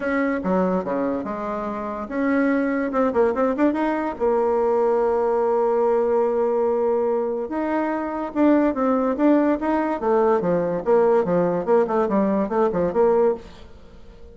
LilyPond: \new Staff \with { instrumentName = "bassoon" } { \time 4/4 \tempo 4 = 144 cis'4 fis4 cis4 gis4~ | gis4 cis'2 c'8 ais8 | c'8 d'8 dis'4 ais2~ | ais1~ |
ais2 dis'2 | d'4 c'4 d'4 dis'4 | a4 f4 ais4 f4 | ais8 a8 g4 a8 f8 ais4 | }